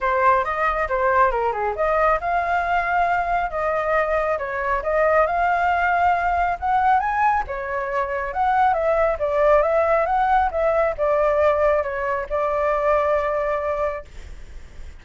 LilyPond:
\new Staff \with { instrumentName = "flute" } { \time 4/4 \tempo 4 = 137 c''4 dis''4 c''4 ais'8 gis'8 | dis''4 f''2. | dis''2 cis''4 dis''4 | f''2. fis''4 |
gis''4 cis''2 fis''4 | e''4 d''4 e''4 fis''4 | e''4 d''2 cis''4 | d''1 | }